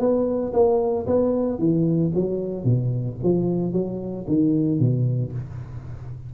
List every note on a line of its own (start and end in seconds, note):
0.00 0.53 B3
0.54 1.07 A#3
1.07 1.59 B3
1.59 2.12 E3
2.15 2.65 F#3
2.65 3.18 B2
3.23 3.73 F3
3.73 4.26 F#3
4.28 4.80 D#3
4.80 5.33 B2